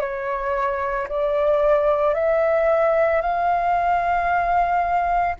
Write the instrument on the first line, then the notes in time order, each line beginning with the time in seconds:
flute
0.00 C#5
1.09 D5
2.14 E5
3.21 F5